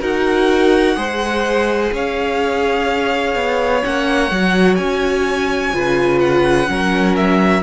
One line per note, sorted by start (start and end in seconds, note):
0.00 0.96 D#4
0.00 0.95 F#4
0.00 0.95 A#4
0.00 1.93 F#5
0.95 1.91 G#3
0.95 3.81 G#4
0.95 1.92 C5
1.92 3.35 C#4
1.92 5.74 C#5
1.92 3.84 F5
3.35 3.82 B3
3.83 4.31 A#3
3.83 4.30 C#4
3.83 4.75 F#5
4.31 4.78 F#3
4.31 5.73 F#4
4.75 5.73 C#4
4.75 6.18 G#5
5.73 6.68 C#3
5.73 6.66 F4
5.73 6.69 B4
6.20 7.15 F#5
6.66 7.62 F#3
6.66 7.62 C#4
6.66 7.62 A#4
7.16 7.62 E5